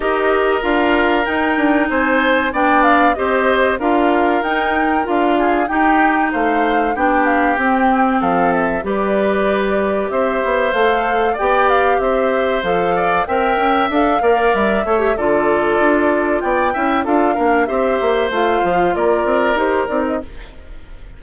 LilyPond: <<
  \new Staff \with { instrumentName = "flute" } { \time 4/4 \tempo 4 = 95 dis''4 f''4 g''4 gis''4 | g''8 f''8 dis''4 f''4 g''4 | f''4 g''4 f''4 g''8 f''8 | g''4 f''8 e''8 d''2 |
e''4 f''4 g''8 f''8 e''4 | f''4 g''4 f''4 e''4 | d''2 g''4 f''4 | e''4 f''4 d''4 c''8 d''16 dis''16 | }
  \new Staff \with { instrumentName = "oboe" } { \time 4/4 ais'2. c''4 | d''4 c''4 ais'2~ | ais'8 gis'8 g'4 c''4 g'4~ | g'4 a'4 b'2 |
c''2 d''4 c''4~ | c''8 d''8 e''4. d''4 cis''8 | a'2 d''8 e''8 a'8 ais'8 | c''2 ais'2 | }
  \new Staff \with { instrumentName = "clarinet" } { \time 4/4 g'4 f'4 dis'2 | d'4 g'4 f'4 dis'4 | f'4 dis'2 d'4 | c'2 g'2~ |
g'4 a'4 g'2 | a'4 ais'4 a'8 ais'4 a'16 g'16 | f'2~ f'8 e'8 f'8 d'8 | g'4 f'2 g'8 dis'8 | }
  \new Staff \with { instrumentName = "bassoon" } { \time 4/4 dis'4 d'4 dis'8 d'8 c'4 | b4 c'4 d'4 dis'4 | d'4 dis'4 a4 b4 | c'4 f4 g2 |
c'8 b8 a4 b4 c'4 | f4 c'8 cis'8 d'8 ais8 g8 a8 | d4 d'4 b8 cis'8 d'8 ais8 | c'8 ais8 a8 f8 ais8 c'8 dis'8 c'8 | }
>>